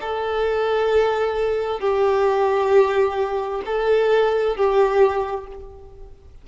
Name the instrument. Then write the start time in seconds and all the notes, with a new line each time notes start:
violin
0.00 A4
1.80 G4
3.65 A4
4.56 G4